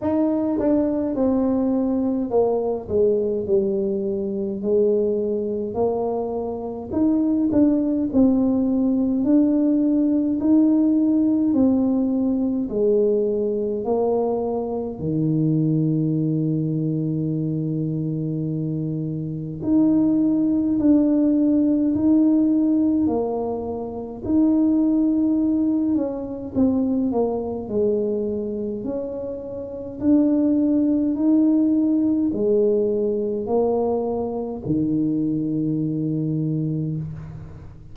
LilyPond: \new Staff \with { instrumentName = "tuba" } { \time 4/4 \tempo 4 = 52 dis'8 d'8 c'4 ais8 gis8 g4 | gis4 ais4 dis'8 d'8 c'4 | d'4 dis'4 c'4 gis4 | ais4 dis2.~ |
dis4 dis'4 d'4 dis'4 | ais4 dis'4. cis'8 c'8 ais8 | gis4 cis'4 d'4 dis'4 | gis4 ais4 dis2 | }